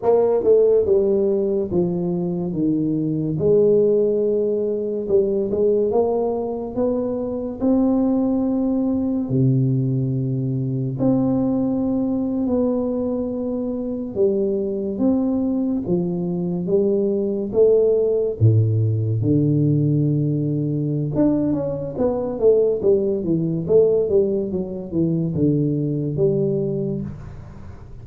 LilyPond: \new Staff \with { instrumentName = "tuba" } { \time 4/4 \tempo 4 = 71 ais8 a8 g4 f4 dis4 | gis2 g8 gis8 ais4 | b4 c'2 c4~ | c4 c'4.~ c'16 b4~ b16~ |
b8. g4 c'4 f4 g16~ | g8. a4 a,4 d4~ d16~ | d4 d'8 cis'8 b8 a8 g8 e8 | a8 g8 fis8 e8 d4 g4 | }